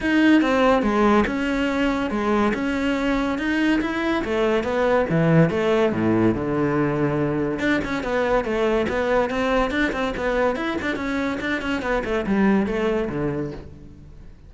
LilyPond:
\new Staff \with { instrumentName = "cello" } { \time 4/4 \tempo 4 = 142 dis'4 c'4 gis4 cis'4~ | cis'4 gis4 cis'2 | dis'4 e'4 a4 b4 | e4 a4 a,4 d4~ |
d2 d'8 cis'8 b4 | a4 b4 c'4 d'8 c'8 | b4 e'8 d'8 cis'4 d'8 cis'8 | b8 a8 g4 a4 d4 | }